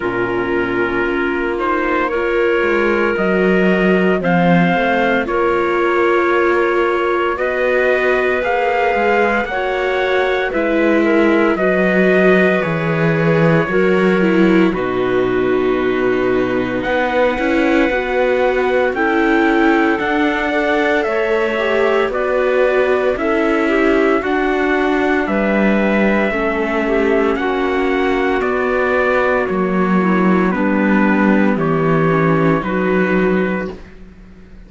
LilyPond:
<<
  \new Staff \with { instrumentName = "trumpet" } { \time 4/4 \tempo 4 = 57 ais'4. c''8 cis''4 dis''4 | f''4 cis''2 dis''4 | f''4 fis''4 e''4 dis''4 | cis''2 b'2 |
fis''2 g''4 fis''4 | e''4 d''4 e''4 fis''4 | e''2 fis''4 d''4 | cis''4 b'4 cis''4 b'4 | }
  \new Staff \with { instrumentName = "clarinet" } { \time 4/4 f'2 ais'2 | c''4 ais'2 b'4~ | b'4 cis''4 b'8 ais'8 b'4~ | b'4 ais'4 fis'2 |
b'2 a'4. d''8 | cis''4 b'4 a'8 g'8 fis'4 | b'4 a'8 g'8 fis'2~ | fis'8 e'8 d'4 g'4 fis'4 | }
  \new Staff \with { instrumentName = "viola" } { \time 4/4 cis'4. dis'8 f'4 fis'4 | c'4 f'2 fis'4 | gis'4 fis'4 e'4 fis'4 | gis'4 fis'8 e'8 dis'2~ |
dis'8 e'8 fis'4 e'4 d'8 a'8~ | a'8 g'8 fis'4 e'4 d'4~ | d'4 cis'2 b4 | ais4 b4. cis'8 dis'4 | }
  \new Staff \with { instrumentName = "cello" } { \time 4/4 ais,4 ais4. gis8 fis4 | f8 a8 ais2 b4 | ais8 gis8 ais4 gis4 fis4 | e4 fis4 b,2 |
b8 cis'8 b4 cis'4 d'4 | a4 b4 cis'4 d'4 | g4 a4 ais4 b4 | fis4 g4 e4 fis4 | }
>>